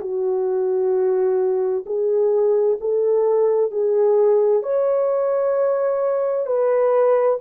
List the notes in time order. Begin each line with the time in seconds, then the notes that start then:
0.00 F#4
1.85 G#4
2.80 A4
3.71 G#4
4.62 C#5
6.47 B4